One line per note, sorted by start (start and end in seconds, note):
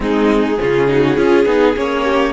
0.00 0.58 G#3
0.00 0.54 C4
0.00 0.59 D#4
0.00 1.76 G#4
0.59 1.17 C#3
0.59 0.87 C#4
0.59 0.89 F4
0.87 1.16 D#4
0.87 1.19 F#4
1.16 1.45 C#4
1.16 1.45 F4
1.16 2.04 G#4
1.45 1.75 B3
1.45 1.74 D#4
1.76 2.32 A#3
1.76 2.32 C#4
1.76 2.32 C#5
2.04 2.32 G4